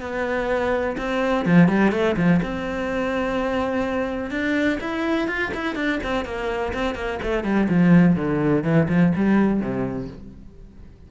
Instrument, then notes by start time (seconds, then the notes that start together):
cello
0.00 B3
0.98 C4
1.45 F3
1.68 G3
1.92 A3
2.16 F3
2.42 C4
4.30 D4
4.80 E4
5.28 F4
5.54 E4
5.75 D4
6.03 C4
6.25 A#3
6.74 C4
6.95 A#3
7.23 A3
7.44 G3
7.69 F3
8.16 D3
8.64 E3
8.88 F3
9.16 G3
9.60 C3